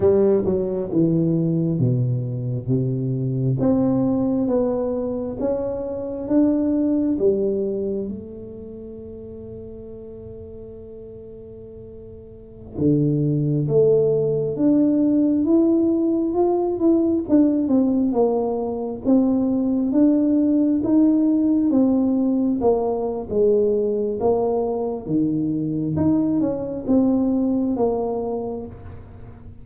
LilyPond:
\new Staff \with { instrumentName = "tuba" } { \time 4/4 \tempo 4 = 67 g8 fis8 e4 b,4 c4 | c'4 b4 cis'4 d'4 | g4 a2.~ | a2~ a16 d4 a8.~ |
a16 d'4 e'4 f'8 e'8 d'8 c'16~ | c'16 ais4 c'4 d'4 dis'8.~ | dis'16 c'4 ais8. gis4 ais4 | dis4 dis'8 cis'8 c'4 ais4 | }